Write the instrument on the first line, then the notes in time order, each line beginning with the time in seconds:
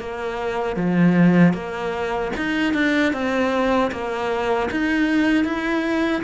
cello
0.00 A#3
0.77 F3
1.54 A#3
2.37 D#4
2.74 D4
3.13 C4
3.92 A#3
4.71 D#4
5.45 E4